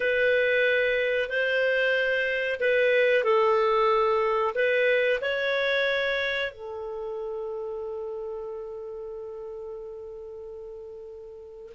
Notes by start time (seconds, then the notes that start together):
0.00 B4
1.29 C5
2.60 B4
3.24 A4
4.54 B4
5.21 C#5
6.51 A4